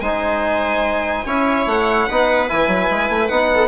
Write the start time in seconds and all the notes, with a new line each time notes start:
0.00 G#3 D#4 C5 G#5
1.25 C#4 E4 C#5
1.66 A3 F#5
2.07 B3 D#4 B4
2.48 E3 E4 G#5
2.67 F#3
2.90 G#3
3.08 A3
3.28 B3 D#4 F#5
3.54 A4